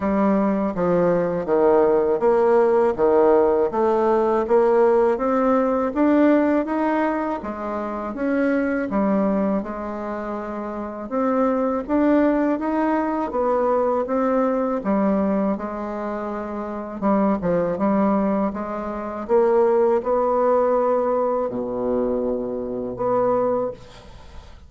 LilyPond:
\new Staff \with { instrumentName = "bassoon" } { \time 4/4 \tempo 4 = 81 g4 f4 dis4 ais4 | dis4 a4 ais4 c'4 | d'4 dis'4 gis4 cis'4 | g4 gis2 c'4 |
d'4 dis'4 b4 c'4 | g4 gis2 g8 f8 | g4 gis4 ais4 b4~ | b4 b,2 b4 | }